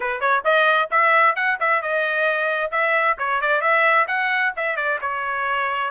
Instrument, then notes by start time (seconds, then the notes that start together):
trumpet
0.00 B4
0.20 C#5
0.44 D#5
0.90 E5
1.35 F#5
1.60 E5
1.82 D#5
2.71 E5
3.18 C#5
3.41 D5
3.61 E5
4.07 F#5
4.56 E5
4.76 D5
5.01 C#5